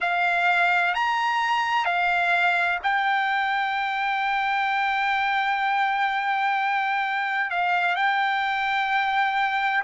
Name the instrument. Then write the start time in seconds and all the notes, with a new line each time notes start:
trumpet
0.00 F5
0.94 A#5
1.85 F5
2.83 G5
7.50 F5
7.95 G5